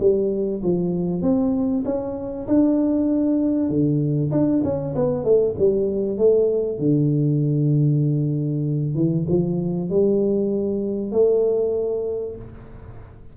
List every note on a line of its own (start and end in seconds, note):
0.00 0.62 G3
0.63 1.22 F3
1.22 1.84 C4
1.86 2.47 C#4
2.47 3.70 D4
3.70 4.32 D3
4.32 4.63 D4
4.64 4.95 C#4
4.96 5.24 B3
5.24 5.55 A3
5.59 6.18 G3
6.18 6.79 A3
6.79 8.95 D3
8.96 9.26 E3
9.29 9.90 F3
9.90 11.12 G3
11.12 12.36 A3